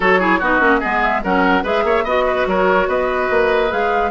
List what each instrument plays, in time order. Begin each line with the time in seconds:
0.00 bassoon F#3, clarinet F#4, oboe A4, flute C#5
0.19 clarinet E4, oboe G#4
0.39 bassoon B3, clarinet D#4, oboe F#4, flute D#5
0.60 bassoon A#3, clarinet C#4
0.80 bassoon G#3, clarinet B3, oboe G#4
1.02 flute E5
1.23 bassoon F#3, clarinet C#4, oboe A#4, flute F#5
1.63 bassoon G#3, clarinet G#4, oboe B4, flute E5
1.83 bassoon A#3, oboe C#5
2.04 bassoon B3, clarinet F#4, oboe D#5, flute D#5
2.26 oboe B4
2.46 bassoon F#3, oboe A#4, flute C#5
2.87 bassoon B3, oboe B4, flute D#5
3.30 bassoon A#3
3.69 bassoon G#3, clarinet G#4, flute F5